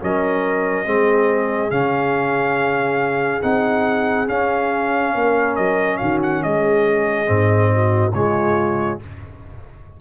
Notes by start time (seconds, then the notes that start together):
0.00 F#3 C#4 A#4 D#5
0.85 G#3 C4 G#4
1.70 C#3 C#4 F5
3.41 C4 D#4 F#5
4.27 C#4 F5
5.15 A#3 A#4
5.56 F#3 D#5
5.97 D#3 F#4 F5
6.22 F#5
6.43 G#3 G#4 D#5
7.26 G#2 C4
7.73 F#4
8.13 C#3 G#3 F4 C#5